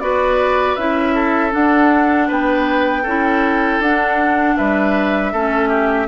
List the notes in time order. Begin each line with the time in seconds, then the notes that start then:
0.00 B3 F#4 B4 D5
0.76 C#4 E4 E5
1.15 A4
1.51 D4 F#5
2.28 B3 B4 G5
3.03 C#4 E4 A4
3.79 D4 F#5
4.57 G3 B4 E5
5.32 A3 C#4 A4
5.69 G4